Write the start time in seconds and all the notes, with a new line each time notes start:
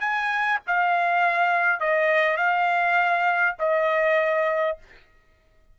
0.00 G#5
0.67 F5
1.80 D#5
2.37 F5
3.59 D#5